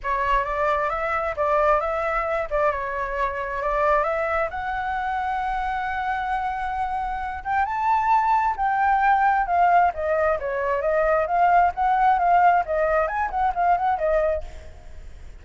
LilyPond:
\new Staff \with { instrumentName = "flute" } { \time 4/4 \tempo 4 = 133 cis''4 d''4 e''4 d''4 | e''4. d''8 cis''2 | d''4 e''4 fis''2~ | fis''1~ |
fis''8 g''8 a''2 g''4~ | g''4 f''4 dis''4 cis''4 | dis''4 f''4 fis''4 f''4 | dis''4 gis''8 fis''8 f''8 fis''8 dis''4 | }